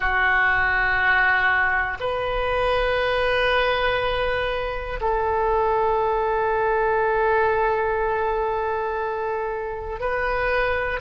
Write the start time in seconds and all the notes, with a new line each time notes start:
0.00 F#4
2.00 B4
5.00 A4
10.00 B4